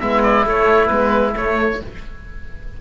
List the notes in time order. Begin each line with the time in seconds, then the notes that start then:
0.00 G#3 B3 E4 E5
0.23 D5
0.45 A3 C#5
0.87 G#3 B3 B4
1.34 A3 C#5